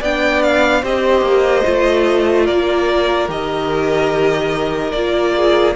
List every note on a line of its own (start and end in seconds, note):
0.00 0.83 B3
0.00 0.83 D4
0.00 0.82 D5
0.00 0.43 G5
0.43 0.84 F5
0.82 1.21 C4
0.82 1.65 G4
0.82 2.45 C5
0.82 2.46 D#5
1.21 1.62 A#3
1.65 2.48 A3
1.65 3.28 F4
2.45 3.28 A#3
2.45 5.33 A#4
2.45 3.28 D5
3.28 4.93 D#3
3.28 4.92 G4
3.28 4.91 D#5
4.91 5.75 A#3
4.91 5.75 F4
4.91 5.74 D5
5.36 5.75 G#4